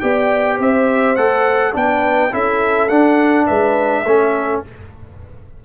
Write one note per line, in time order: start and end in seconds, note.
0.00 0.59 B3
0.00 1.16 G4
0.00 0.56 D5
0.00 0.58 G5
0.56 1.16 C4
0.56 1.71 C5
0.56 1.15 E5
1.15 1.74 A3
1.15 1.72 A4
1.15 1.73 F#5
1.72 2.33 B3
1.72 2.30 D4
1.72 2.32 B4
1.72 2.33 G5
2.31 2.89 C#4
2.31 2.89 E4
2.31 3.46 A4
2.31 2.88 E5
2.88 3.47 D4
2.88 4.05 D4
2.88 3.46 F#5
3.46 4.04 G#3
3.46 4.03 B4
3.46 4.62 E5
4.04 4.62 A3
4.04 4.64 C#4
4.04 4.64 A4